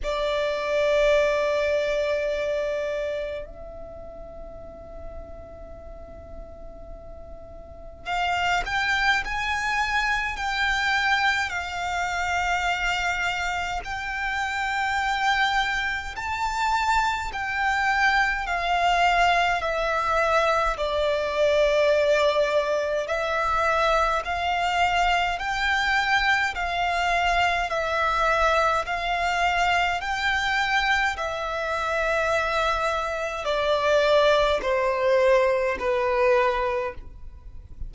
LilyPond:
\new Staff \with { instrumentName = "violin" } { \time 4/4 \tempo 4 = 52 d''2. e''4~ | e''2. f''8 g''8 | gis''4 g''4 f''2 | g''2 a''4 g''4 |
f''4 e''4 d''2 | e''4 f''4 g''4 f''4 | e''4 f''4 g''4 e''4~ | e''4 d''4 c''4 b'4 | }